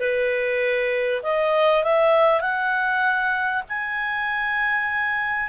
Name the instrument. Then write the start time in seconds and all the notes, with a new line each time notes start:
clarinet
0.00 B4
1.23 D#5
1.84 E5
2.41 F#5
3.69 G#5